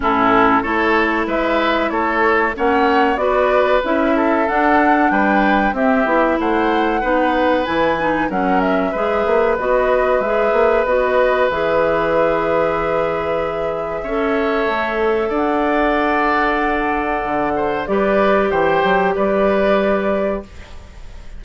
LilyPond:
<<
  \new Staff \with { instrumentName = "flute" } { \time 4/4 \tempo 4 = 94 a'4 cis''4 e''4 cis''4 | fis''4 d''4 e''4 fis''4 | g''4 e''4 fis''2 | gis''4 fis''8 e''4. dis''4 |
e''4 dis''4 e''2~ | e''1 | fis''1 | d''4 g''4 d''2 | }
  \new Staff \with { instrumentName = "oboe" } { \time 4/4 e'4 a'4 b'4 a'4 | cis''4 b'4. a'4. | b'4 g'4 c''4 b'4~ | b'4 ais'4 b'2~ |
b'1~ | b'2 cis''2 | d''2.~ d''8 c''8 | b'4 c''4 b'2 | }
  \new Staff \with { instrumentName = "clarinet" } { \time 4/4 cis'4 e'2. | cis'4 fis'4 e'4 d'4~ | d'4 c'8 e'4. dis'4 | e'8 dis'8 cis'4 gis'4 fis'4 |
gis'4 fis'4 gis'2~ | gis'2 a'2~ | a'1 | g'1 | }
  \new Staff \with { instrumentName = "bassoon" } { \time 4/4 a,4 a4 gis4 a4 | ais4 b4 cis'4 d'4 | g4 c'8 b8 a4 b4 | e4 fis4 gis8 ais8 b4 |
gis8 ais8 b4 e2~ | e2 cis'4 a4 | d'2. d4 | g4 e8 fis8 g2 | }
>>